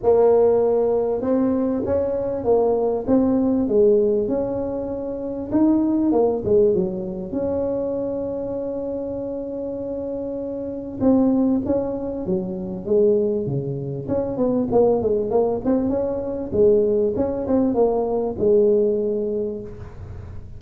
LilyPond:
\new Staff \with { instrumentName = "tuba" } { \time 4/4 \tempo 4 = 98 ais2 c'4 cis'4 | ais4 c'4 gis4 cis'4~ | cis'4 dis'4 ais8 gis8 fis4 | cis'1~ |
cis'2 c'4 cis'4 | fis4 gis4 cis4 cis'8 b8 | ais8 gis8 ais8 c'8 cis'4 gis4 | cis'8 c'8 ais4 gis2 | }